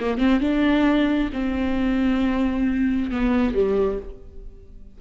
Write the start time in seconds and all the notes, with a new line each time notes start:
0.00 A#3
0.18 C4
0.40 D4
1.33 C4
3.11 B3
3.54 G3